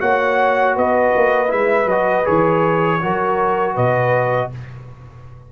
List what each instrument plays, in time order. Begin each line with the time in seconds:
0.00 tuba A#3, trombone F#4, horn C#5, trumpet F#5
0.75 tuba B3, horn B4, trumpet D#5
1.15 tuba A#3
1.47 tuba G#3, trombone E4, trumpet E5
1.85 tuba F#3, trombone F#4, trumpet D#5
2.24 tuba E3, trombone G#4, trumpet C#5
3.02 tuba F#3, trombone F#4, horn A#4
3.74 tuba B2, horn B4, trumpet D#5